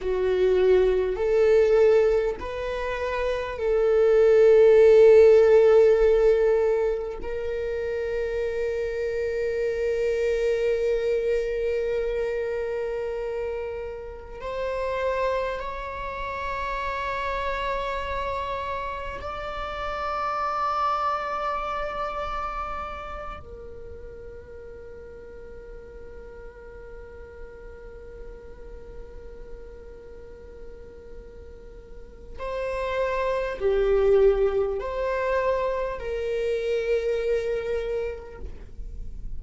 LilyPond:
\new Staff \with { instrumentName = "viola" } { \time 4/4 \tempo 4 = 50 fis'4 a'4 b'4 a'4~ | a'2 ais'2~ | ais'1 | c''4 cis''2. |
d''2.~ d''8 ais'8~ | ais'1~ | ais'2. c''4 | g'4 c''4 ais'2 | }